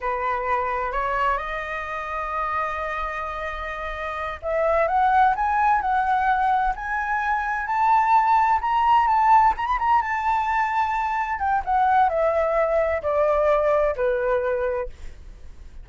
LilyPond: \new Staff \with { instrumentName = "flute" } { \time 4/4 \tempo 4 = 129 b'2 cis''4 dis''4~ | dis''1~ | dis''4. e''4 fis''4 gis''8~ | gis''8 fis''2 gis''4.~ |
gis''8 a''2 ais''4 a''8~ | a''8 ais''16 b''16 ais''8 a''2~ a''8~ | a''8 g''8 fis''4 e''2 | d''2 b'2 | }